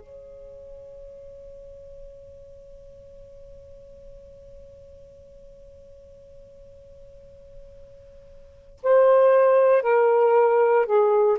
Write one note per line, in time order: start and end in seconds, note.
0.00 8.79 C#5
8.84 9.82 C5
9.82 10.86 A#4
10.86 11.38 G#4